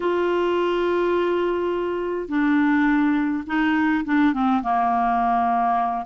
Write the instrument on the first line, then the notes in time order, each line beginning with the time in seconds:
clarinet
0.00 F4
2.28 D4
3.46 D#4
4.05 D4
4.33 C4
4.62 A#3